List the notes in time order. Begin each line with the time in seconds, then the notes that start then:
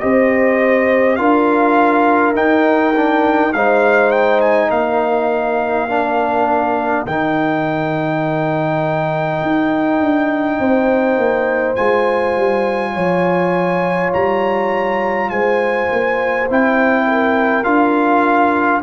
0.00 C4 G4 C5 D#5
1.16 D4 F4 A#4 F5
2.35 D#4 G5
2.95 D4
3.53 G#3 D#4 C5 F5
4.11 G5
4.41 G#5
4.70 A#3 A#4 F5
5.89 D4
7.06 D#3 D#4 G5
9.42 D#4
10.00 D4
10.59 C4 C5
11.17 A#3
11.75 G#3 F4 G#5
12.37 G3
12.93 F3 C#5
14.13 G3 A#5
15.30 G#3 C5 G#5
15.91 A#3
16.50 C4 E4 G5
17.07 A#4
17.64 D4 F4 F5